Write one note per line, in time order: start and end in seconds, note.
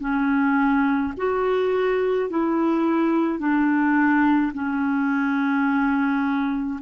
0.00 1.13 C#4
1.17 2.30 F#4
2.30 3.39 E4
3.39 4.52 D4
4.53 6.80 C#4